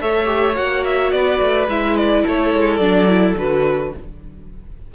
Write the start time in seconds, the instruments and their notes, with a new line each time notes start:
0.00 cello A3, viola A4, violin C#5 E5
0.25 viola G4
0.55 cello A#3, viola F#4, violin F#5
0.84 violin E5
1.11 cello B3, violin B4 D5
1.41 cello A3
1.68 cello G#3, viola E4, violin E5
1.96 violin D5
2.22 cello A3, violin A4 C#5
2.54 cello G#3
2.77 cello F#3, viola D4, violin D5
3.07 viola E4
3.36 cello D3, viola F#4, violin B4